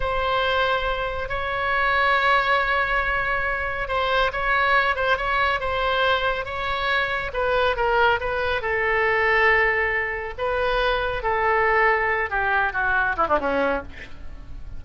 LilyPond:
\new Staff \with { instrumentName = "oboe" } { \time 4/4 \tempo 4 = 139 c''2. cis''4~ | cis''1~ | cis''4 c''4 cis''4. c''8 | cis''4 c''2 cis''4~ |
cis''4 b'4 ais'4 b'4 | a'1 | b'2 a'2~ | a'8 g'4 fis'4 e'16 d'16 cis'4 | }